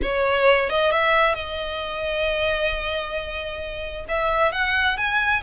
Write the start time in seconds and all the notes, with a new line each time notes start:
0.02 C#5
0.69 D#5
0.91 E5
1.34 D#5
4.08 E5
4.52 F#5
4.97 G#5